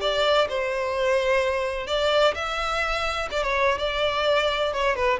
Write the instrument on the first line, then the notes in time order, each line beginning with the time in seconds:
violin
0.00 D5
0.49 C5
1.87 D5
2.34 E5
3.31 D5
3.43 C#5
3.78 D5
4.73 C#5
4.95 B4